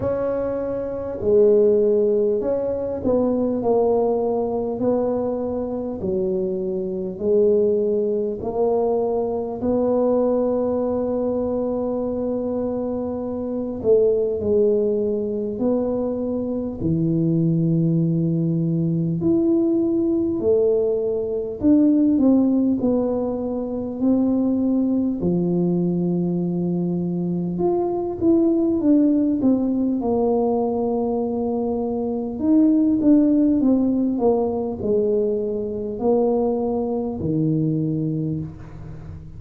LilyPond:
\new Staff \with { instrumentName = "tuba" } { \time 4/4 \tempo 4 = 50 cis'4 gis4 cis'8 b8 ais4 | b4 fis4 gis4 ais4 | b2.~ b8 a8 | gis4 b4 e2 |
e'4 a4 d'8 c'8 b4 | c'4 f2 f'8 e'8 | d'8 c'8 ais2 dis'8 d'8 | c'8 ais8 gis4 ais4 dis4 | }